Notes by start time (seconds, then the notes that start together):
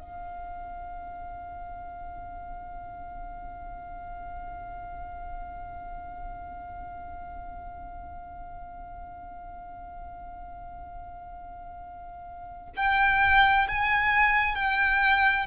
0.00 F5
12.77 G5
13.68 G#5
14.56 G5